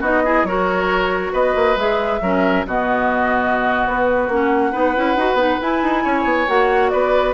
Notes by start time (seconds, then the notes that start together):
0.00 B3 D#4 F#4 D#5
0.25 E4 G#4
0.43 F#3 F#4 A#4 C#5
1.33 B3 B4 D#5
1.55 A#3
1.76 G#3 G#4 E5
2.21 F#3 C#4 A#4
2.66 B2 B3 F#4 D#5
3.86 B3 B4
4.28 A#3 C#4 F#5
4.71 B3 D#4 B4
4.95 C#4 E4
5.16 D#4 F#4
5.34 B3 D#4
5.60 E4 G#5
5.83 D#4
6.04 C#4 C#5
6.24 B3
6.47 A#3 F#4 F#5
6.89 B3 B4 D5